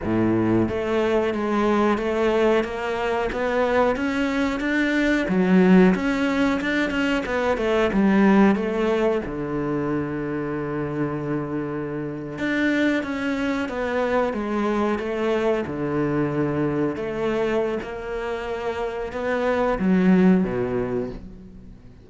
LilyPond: \new Staff \with { instrumentName = "cello" } { \time 4/4 \tempo 4 = 91 a,4 a4 gis4 a4 | ais4 b4 cis'4 d'4 | fis4 cis'4 d'8 cis'8 b8 a8 | g4 a4 d2~ |
d2~ d8. d'4 cis'16~ | cis'8. b4 gis4 a4 d16~ | d4.~ d16 a4~ a16 ais4~ | ais4 b4 fis4 b,4 | }